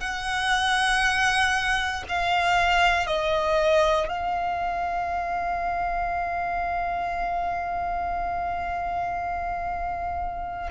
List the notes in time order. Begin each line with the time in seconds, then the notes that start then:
0.00 F#5
2.08 F5
3.06 D#5
4.08 F5